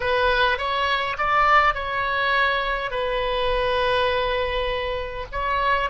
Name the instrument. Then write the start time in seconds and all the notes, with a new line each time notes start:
oboe
0.00 B4
0.57 C#5
1.18 D5
1.74 C#5
2.90 B4
5.32 C#5